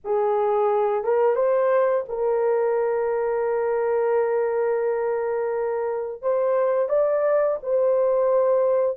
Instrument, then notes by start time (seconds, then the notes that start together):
horn
0.04 G#4
1.03 A#4
1.35 C5
2.08 A#4
6.22 C5
6.88 D5
7.62 C5